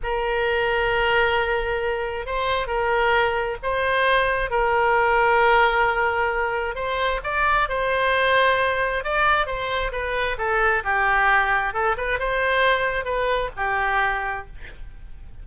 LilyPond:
\new Staff \with { instrumentName = "oboe" } { \time 4/4 \tempo 4 = 133 ais'1~ | ais'4 c''4 ais'2 | c''2 ais'2~ | ais'2. c''4 |
d''4 c''2. | d''4 c''4 b'4 a'4 | g'2 a'8 b'8 c''4~ | c''4 b'4 g'2 | }